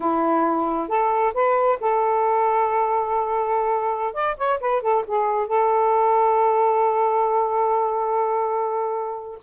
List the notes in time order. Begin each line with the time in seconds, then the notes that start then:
0.00 E4
0.88 A4
1.34 B4
1.80 A4
4.13 D5
4.37 C#5
4.60 B4
4.81 A4
5.07 G#4
5.47 A4